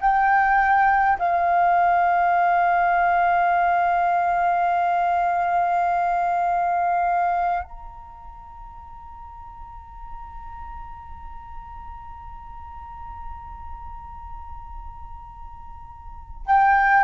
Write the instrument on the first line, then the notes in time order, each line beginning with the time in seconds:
flute
0.00 G5
1.19 F5
7.63 A#5
16.46 G5